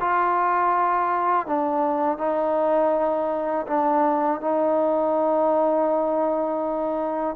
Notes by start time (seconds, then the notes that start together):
0.00 F4
1.46 D4
2.18 D#4
3.67 D4
4.40 D#4